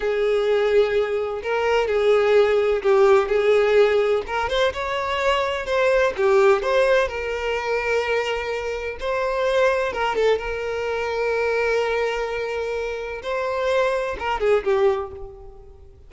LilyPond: \new Staff \with { instrumentName = "violin" } { \time 4/4 \tempo 4 = 127 gis'2. ais'4 | gis'2 g'4 gis'4~ | gis'4 ais'8 c''8 cis''2 | c''4 g'4 c''4 ais'4~ |
ais'2. c''4~ | c''4 ais'8 a'8 ais'2~ | ais'1 | c''2 ais'8 gis'8 g'4 | }